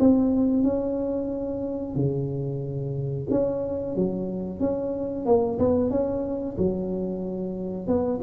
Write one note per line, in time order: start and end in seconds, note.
0.00 0.64 C4
0.64 1.95 C#4
1.96 3.28 C#3
3.31 3.96 C#4
3.96 4.60 F#3
4.60 5.26 C#4
5.26 5.59 A#3
5.59 5.91 B3
5.91 6.57 C#4
6.58 7.88 F#3
7.88 8.21 B3